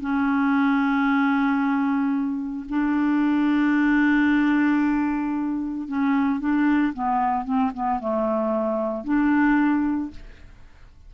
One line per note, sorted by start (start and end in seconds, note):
0.00 2.65 C#4
2.69 5.87 D4
5.87 6.40 C#4
6.40 6.93 D4
6.93 7.44 B3
7.44 7.71 C4
7.74 7.99 B3
7.99 9.04 A3
9.04 10.10 D4